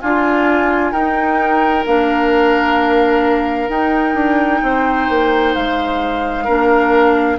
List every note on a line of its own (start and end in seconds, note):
0.00 0.92 D4
0.00 0.91 F4
0.00 0.95 F4
0.00 0.92 G#5
0.91 1.84 D#4
0.91 1.85 D#4
0.91 4.61 A#4
0.91 1.84 G5
1.85 3.68 A#3
1.85 3.69 D4
1.85 3.70 F5
3.68 4.14 D#4
3.68 6.46 D#4
3.68 5.54 G5
4.14 4.60 D4
4.62 5.08 C4
4.62 6.44 C5
5.08 5.55 A#3
5.54 6.48 G#3
5.54 7.38 F5
6.44 7.38 A#3
6.44 7.38 D4
6.44 7.36 A#4